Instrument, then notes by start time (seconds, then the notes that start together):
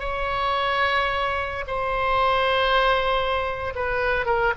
oboe
0.00 C#5
1.67 C5
3.76 B4
4.26 A#4